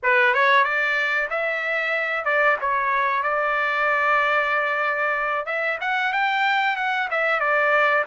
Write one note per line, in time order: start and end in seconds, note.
0.02 0.33 B4
0.33 0.64 C#5
0.64 1.28 D5
1.30 2.24 E5
2.24 2.57 D5
2.60 3.23 C#5
3.23 5.46 D5
5.46 5.78 E5
5.80 6.13 F#5
6.13 6.76 G5
6.76 7.08 F#5
7.10 7.40 E5
7.40 8.04 D5